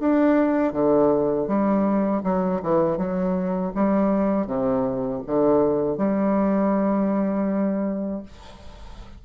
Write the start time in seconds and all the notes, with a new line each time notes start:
0.00 D4
0.73 D3
1.48 G3
2.24 F#3
2.63 E3
2.98 F#3
3.75 G3
4.47 C3
5.27 D3
5.98 G3